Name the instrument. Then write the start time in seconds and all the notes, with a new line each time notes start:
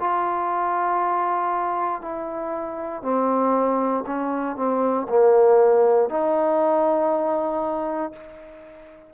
trombone
0.00 F4
2.02 E4
3.02 C4
4.06 C#4
4.56 C4
5.09 A#3
6.09 D#4